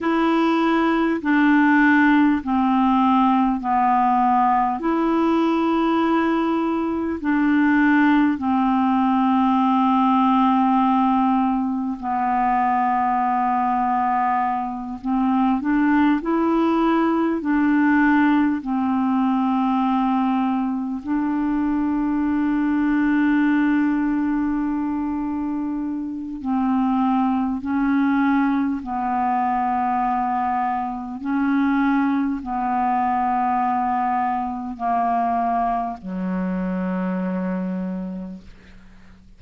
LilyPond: \new Staff \with { instrumentName = "clarinet" } { \time 4/4 \tempo 4 = 50 e'4 d'4 c'4 b4 | e'2 d'4 c'4~ | c'2 b2~ | b8 c'8 d'8 e'4 d'4 c'8~ |
c'4. d'2~ d'8~ | d'2 c'4 cis'4 | b2 cis'4 b4~ | b4 ais4 fis2 | }